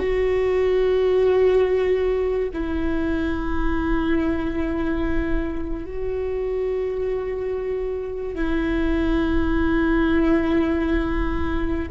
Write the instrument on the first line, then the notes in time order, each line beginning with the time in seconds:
viola
0.00 F#4
2.54 E4
5.86 F#4
8.35 E4